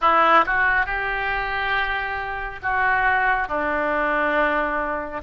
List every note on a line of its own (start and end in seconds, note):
0.01 0.44 E4
0.46 0.86 F#4
0.86 2.60 G4
2.62 3.47 F#4
3.47 5.21 D4